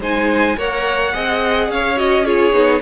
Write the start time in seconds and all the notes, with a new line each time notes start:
0.00 G#3 D#4 C5 G#5
0.57 A#3 A#4 C#5 F#5
1.14 C4 G#4 D#5
1.69 C#4 C#5 F5
1.97 F#4 D#5
2.25 F4 G#4 C#5
2.53 B3 D#4